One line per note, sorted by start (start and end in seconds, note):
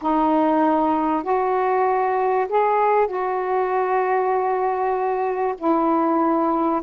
0.01 1.23 D#4
1.23 2.47 F#4
2.48 3.07 G#4
3.07 5.54 F#4
5.58 6.81 E4